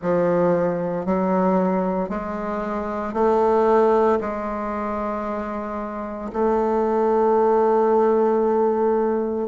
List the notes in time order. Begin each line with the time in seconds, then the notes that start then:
0.02 F3
1.05 F#3
2.09 G#3
3.13 A3
4.21 G#3
6.32 A3